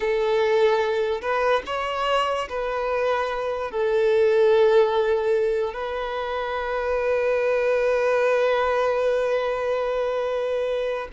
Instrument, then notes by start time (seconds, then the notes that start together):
violin
0.00 A4
1.21 B4
1.66 C#5
2.49 B4
3.71 A4
5.73 B4